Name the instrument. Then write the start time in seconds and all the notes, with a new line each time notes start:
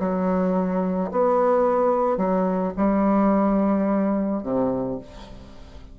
bassoon
0.00 F#3
1.12 B3
2.18 F#3
2.77 G3
4.43 C3